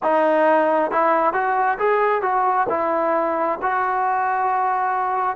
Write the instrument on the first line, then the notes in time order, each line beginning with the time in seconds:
trombone
0.02 D#4
0.91 E4
1.33 F#4
1.78 G#4
2.21 F#4
2.69 E4
3.62 F#4